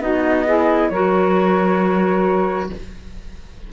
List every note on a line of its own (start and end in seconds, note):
0.00 0.90 B3
0.00 0.45 D#4
0.00 0.45 F#4
0.00 0.89 D#5
0.45 0.92 E4
0.45 0.90 G#4
0.89 2.70 F#3
0.89 2.72 F#4
0.89 2.70 A#4
0.89 2.68 C#5